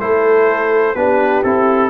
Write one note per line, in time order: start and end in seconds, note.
0.00 0.95 A3
0.00 0.95 E4
0.00 0.96 A4
0.00 0.95 C5
0.95 1.42 B3
0.95 1.44 D4
0.95 1.90 G4
0.95 1.43 B4
1.43 1.90 C4
1.43 1.90 E4
1.43 1.90 A4